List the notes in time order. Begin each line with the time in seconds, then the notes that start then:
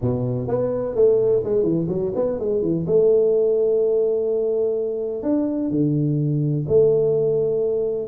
0.01 B2
0.47 B3
0.95 A3
1.44 G#3
1.63 E3
1.88 F#3
2.15 B3
2.39 G#3
2.62 E3
2.86 A3
5.22 D4
5.70 D3
6.68 A3